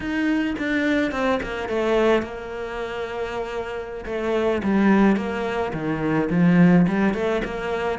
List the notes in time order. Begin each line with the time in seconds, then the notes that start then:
0.00 D#4
0.58 D4
1.11 C4
1.42 A#3
1.68 A3
2.22 A#3
4.05 A3
4.63 G3
5.16 A#3
5.73 D#3
6.30 F3
6.87 G3
7.14 A3
7.44 A#3